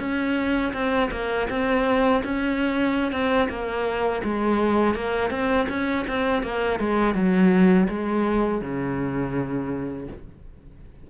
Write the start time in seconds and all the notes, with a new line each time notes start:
0.00 C#4
0.74 C4
1.11 A#3
1.50 C4
2.24 C#4
3.12 C4
3.49 A#3
4.24 G#3
4.95 A#3
5.31 C4
5.69 C#4
6.08 C4
6.43 A#3
6.80 G#3
7.15 F#3
7.89 G#3
8.62 C#3